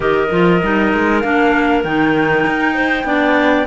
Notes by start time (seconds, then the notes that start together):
0.00 D#3 G4 A#4 D#5
0.30 F3 F4
0.62 G3 D#4
0.93 G#3
1.20 A#3 D4 F5
1.83 D#3 D#4 G5
2.46 D#4
2.74 C5
3.03 B3 D4 D5